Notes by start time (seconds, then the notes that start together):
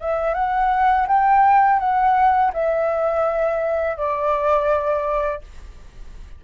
0.00 E5
0.34 F#5
1.07 G5
1.79 F#5
2.53 E5
3.97 D5